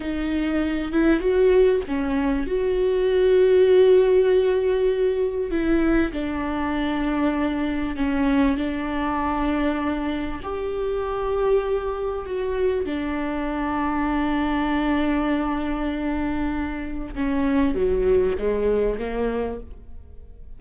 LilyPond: \new Staff \with { instrumentName = "viola" } { \time 4/4 \tempo 4 = 98 dis'4. e'8 fis'4 cis'4 | fis'1~ | fis'4 e'4 d'2~ | d'4 cis'4 d'2~ |
d'4 g'2. | fis'4 d'2.~ | d'1 | cis'4 fis4 gis4 ais4 | }